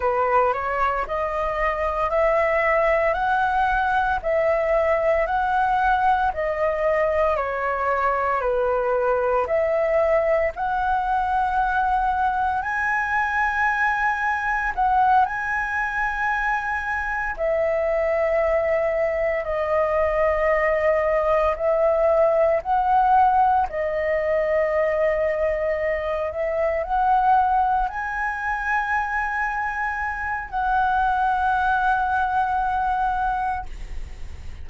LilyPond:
\new Staff \with { instrumentName = "flute" } { \time 4/4 \tempo 4 = 57 b'8 cis''8 dis''4 e''4 fis''4 | e''4 fis''4 dis''4 cis''4 | b'4 e''4 fis''2 | gis''2 fis''8 gis''4.~ |
gis''8 e''2 dis''4.~ | dis''8 e''4 fis''4 dis''4.~ | dis''4 e''8 fis''4 gis''4.~ | gis''4 fis''2. | }